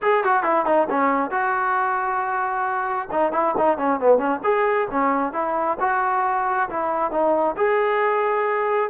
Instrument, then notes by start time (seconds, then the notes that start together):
trombone
0.02 G#4
0.23 F#4
0.43 E4
0.65 D#4
0.90 C#4
1.31 F#4
3.11 D#4
3.32 E4
3.57 D#4
3.77 C#4
4.00 B3
4.18 C#4
4.43 G#4
4.91 C#4
5.33 E4
5.80 F#4
6.69 E4
7.11 D#4
7.57 G#4